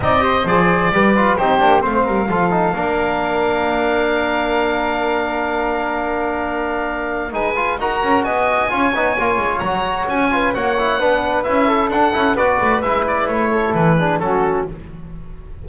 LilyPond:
<<
  \new Staff \with { instrumentName = "oboe" } { \time 4/4 \tempo 4 = 131 dis''4 d''2 c''4 | f''1~ | f''1~ | f''1 |
gis''4 ais''4 gis''2~ | gis''4 ais''4 gis''4 fis''4~ | fis''4 e''4 fis''4 d''4 | e''8 d''8 cis''4 b'4 a'4 | }
  \new Staff \with { instrumentName = "flute" } { \time 4/4 d''8 c''4. b'4 g'4 | c''8 ais'8 a'4 ais'2~ | ais'1~ | ais'1 |
b'4 ais'4 dis''4 cis''4~ | cis''2~ cis''8 b'8 cis''4 | b'4. a'4. b'4~ | b'4. a'4 gis'8 fis'4 | }
  \new Staff \with { instrumentName = "trombone" } { \time 4/4 dis'8 g'8 gis'4 g'8 f'8 dis'8 d'8 | c'4 f'8 dis'8 d'2~ | d'1~ | d'1 |
dis'8 f'8 fis'2 f'8 dis'8 | f'4 fis'4. f'8 fis'8 e'8 | d'4 e'4 d'8 e'8 fis'4 | e'2~ e'8 d'8 cis'4 | }
  \new Staff \with { instrumentName = "double bass" } { \time 4/4 c'4 f4 g4 c'8 ais8 | a8 g8 f4 ais2~ | ais1~ | ais1 |
gis4 dis'8 cis'8 b4 cis'8 b8 | ais8 gis8 fis4 cis'4 ais4 | b4 cis'4 d'8 cis'8 b8 a8 | gis4 a4 e4 fis4 | }
>>